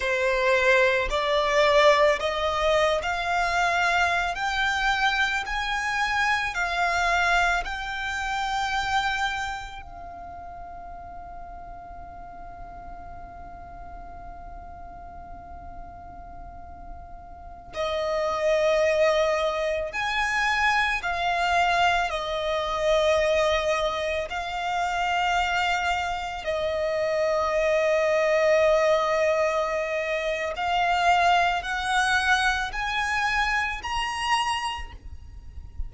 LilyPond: \new Staff \with { instrumentName = "violin" } { \time 4/4 \tempo 4 = 55 c''4 d''4 dis''8. f''4~ f''16 | g''4 gis''4 f''4 g''4~ | g''4 f''2.~ | f''1~ |
f''16 dis''2 gis''4 f''8.~ | f''16 dis''2 f''4.~ f''16~ | f''16 dis''2.~ dis''8. | f''4 fis''4 gis''4 ais''4 | }